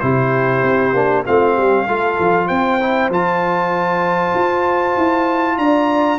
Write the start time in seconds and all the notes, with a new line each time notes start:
0.00 C3 E4 G4 C5
0.63 C4
0.94 A#3 D4
1.26 A3 C4 F4 F5
1.56 G3 G4
1.87 A3 F4 A4
2.19 F3
2.48 C4 C5 G5
2.80 E4
3.10 F3 F4 A5
4.35 F4
4.97 E4
5.58 D4 D5 A#5